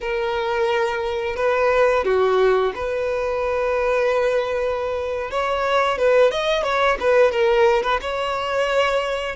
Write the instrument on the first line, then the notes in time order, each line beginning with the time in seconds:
violin
0.00 A#4
1.36 B4
2.04 F#4
2.75 B4
5.31 C#5
5.98 B4
6.31 D#5
6.63 C#5
6.99 B4
7.31 A#4
7.82 B4
8.01 C#5